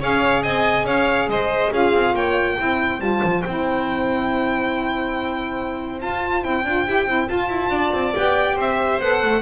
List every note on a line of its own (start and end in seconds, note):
0.00 0.44 C#4
0.00 1.72 G#4
0.00 0.43 C#5
0.00 0.43 F5
0.43 0.85 C4
0.43 0.85 D#5
0.43 0.86 G#5
0.85 1.27 C#4
0.85 1.28 C#5
0.85 1.29 F5
1.28 1.71 G#3
1.28 1.72 C5
1.28 1.73 D#5
1.72 1.93 C#4
1.72 2.57 F4
1.72 2.15 G#4
1.72 2.16 F5
1.93 2.13 C4
2.13 2.56 A#3
2.13 2.57 C#5
2.13 3.00 G5
2.57 3.00 C4
2.57 2.99 E4
2.57 7.71 C5
2.99 3.21 G3
2.99 3.42 F4
2.99 3.42 A5
3.23 3.45 F3
3.42 6.02 C4
3.42 6.00 E4
3.42 5.99 G5
6.00 6.42 F4
6.00 6.44 F4
6.00 6.44 A5
6.42 6.65 C4
6.42 6.63 E4
6.42 7.28 G5
6.65 6.86 D4
6.65 6.86 F4
6.86 7.07 E4
6.86 7.07 G4
7.07 7.28 C4
7.07 7.27 E4
7.27 8.13 F4
7.27 7.49 F4
7.27 8.14 A5
7.49 7.70 E4
7.70 7.92 D4
7.70 8.56 D5
7.93 8.14 C4
8.15 8.57 B3
8.15 9.01 G4
8.15 8.58 G5
8.56 8.99 C4
8.56 9.42 C5
8.56 9.01 E5
9.00 9.22 B3
9.00 9.42 A4
9.00 9.42 F#5
9.22 9.42 A3